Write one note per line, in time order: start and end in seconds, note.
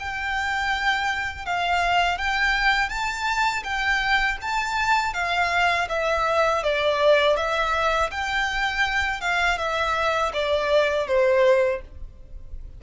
0.00 1.46 G5
1.46 2.19 F5
2.19 2.90 G5
2.90 3.64 A5
3.64 4.38 G5
4.42 5.14 A5
5.14 5.88 F5
5.89 6.63 E5
6.64 7.37 D5
7.37 8.11 E5
8.11 9.21 G5
9.21 9.58 F5
9.59 10.33 E5
10.33 11.07 D5
11.08 11.82 C5